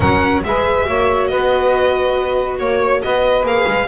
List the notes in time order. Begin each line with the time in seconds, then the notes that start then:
0.00 F#3 C#4 A#4 F#5
0.44 G#3 G#4 B4 E5
0.84 A#3 F#4 C#5
1.27 B3 B4 D#5
2.58 A#3 C#5
3.01 B3 B4 D#5
3.42 A#3 G#4 F5
3.66 G#3